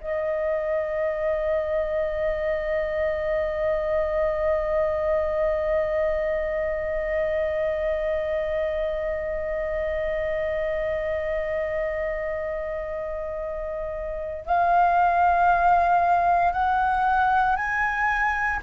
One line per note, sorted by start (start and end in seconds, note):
0.00 14.45 D#5
14.45 16.52 F5
16.52 17.56 F#5
17.56 18.59 G#5